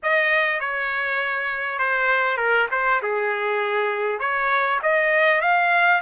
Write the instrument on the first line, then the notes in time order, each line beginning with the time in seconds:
trumpet
0.02 D#5
0.60 C#5
1.78 C5
2.37 A#4
2.71 C5
3.02 G#4
4.19 C#5
4.82 D#5
5.41 F5